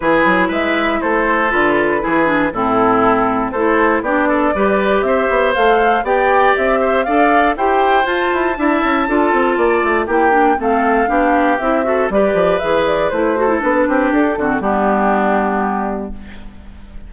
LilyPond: <<
  \new Staff \with { instrumentName = "flute" } { \time 4/4 \tempo 4 = 119 b'4 e''4 c''4 b'4~ | b'4 a'2 c''4 | d''2 e''4 f''4 | g''4 e''4 f''4 g''4 |
a''1 | g''4 f''2 e''4 | d''4 e''8 d''8 c''4 b'4 | a'4 g'2. | }
  \new Staff \with { instrumentName = "oboe" } { \time 4/4 gis'4 b'4 a'2 | gis'4 e'2 a'4 | g'8 a'8 b'4 c''2 | d''4. c''8 d''4 c''4~ |
c''4 e''4 a'4 d''4 | g'4 a'4 g'4. a'8 | b'2~ b'8 a'4 g'8~ | g'8 fis'8 d'2. | }
  \new Staff \with { instrumentName = "clarinet" } { \time 4/4 e'2. f'4 | e'8 d'8 c'2 e'4 | d'4 g'2 a'4 | g'2 a'4 g'4 |
f'4 e'4 f'2 | e'8 d'8 c'4 d'4 e'8 fis'8 | g'4 gis'4 e'8 fis'16 e'16 d'4~ | d'8 c'8 b2. | }
  \new Staff \with { instrumentName = "bassoon" } { \time 4/4 e8 fis8 gis4 a4 d4 | e4 a,2 a4 | b4 g4 c'8 b8 a4 | b4 c'4 d'4 e'4 |
f'8 e'8 d'8 cis'8 d'8 c'8 ais8 a8 | ais4 a4 b4 c'4 | g8 f8 e4 a4 b8 c'8 | d'8 d8 g2. | }
>>